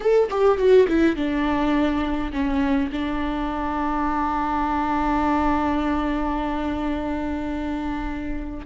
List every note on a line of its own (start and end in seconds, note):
0.00 0.29 A4
0.30 0.58 G4
0.58 0.87 F#4
0.88 1.16 E4
1.16 2.31 D4
2.32 2.90 C#4
2.91 8.66 D4